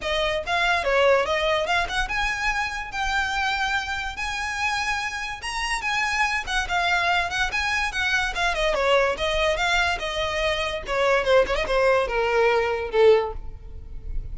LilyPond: \new Staff \with { instrumentName = "violin" } { \time 4/4 \tempo 4 = 144 dis''4 f''4 cis''4 dis''4 | f''8 fis''8 gis''2 g''4~ | g''2 gis''2~ | gis''4 ais''4 gis''4. fis''8 |
f''4. fis''8 gis''4 fis''4 | f''8 dis''8 cis''4 dis''4 f''4 | dis''2 cis''4 c''8 cis''16 dis''16 | c''4 ais'2 a'4 | }